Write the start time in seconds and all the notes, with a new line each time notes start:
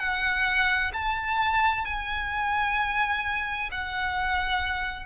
0.00 F#5
0.94 A5
1.85 G#5
3.72 F#5